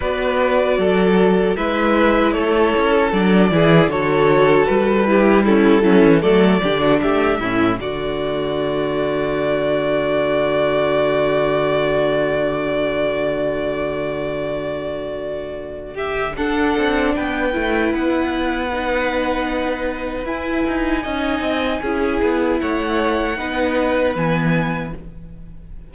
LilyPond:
<<
  \new Staff \with { instrumentName = "violin" } { \time 4/4 \tempo 4 = 77 d''2 e''4 cis''4 | d''4 cis''4 b'4 a'4 | d''4 e''4 d''2~ | d''1~ |
d''1~ | d''8 e''8 fis''4 g''4 fis''4~ | fis''2 gis''2~ | gis''4 fis''2 gis''4 | }
  \new Staff \with { instrumentName = "violin" } { \time 4/4 b'4 a'4 b'4 a'4~ | a'8 gis'8 a'4. g'8 e'8 cis'8 | a'8 g'16 fis'16 g'8 e'8 fis'2~ | fis'1~ |
fis'1~ | fis'8 g'8 a'4 b'2~ | b'2. dis''4 | gis'4 cis''4 b'2 | }
  \new Staff \with { instrumentName = "viola" } { \time 4/4 fis'2 e'2 | d'8 e'8 fis'4. e'8 cis'8 e'8 | a8 d'4 cis'8 a2~ | a1~ |
a1~ | a4 d'4. e'4. | dis'2 e'4 dis'4 | e'2 dis'4 b4 | }
  \new Staff \with { instrumentName = "cello" } { \time 4/4 b4 fis4 gis4 a8 cis'8 | fis8 e8 d4 g4. fis16 e16 | fis8 d8 a8 a,8 d2~ | d1~ |
d1~ | d4 d'8 c'8 b8 a8 b4~ | b2 e'8 dis'8 cis'8 c'8 | cis'8 b8 a4 b4 e4 | }
>>